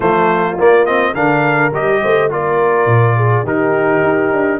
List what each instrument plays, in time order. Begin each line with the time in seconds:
0.00 tuba F3, trombone A3, horn F4, trumpet C5
0.59 trombone A#3, tuba A#3, trumpet D5
0.85 trombone C4, trumpet D#5
1.13 tuba D3, trombone D4, horn A#4, trumpet F5
1.72 tuba G3, trombone G4, trumpet D#5
2.02 tuba A3, horn C5
2.29 tuba A#3, trombone F4, horn A#4, trumpet D5
2.85 tuba A#2
3.16 horn G#4
3.43 tuba D#3, trombone D#4, horn G4, trumpet A#4
4.03 tuba D#4
4.32 tuba D4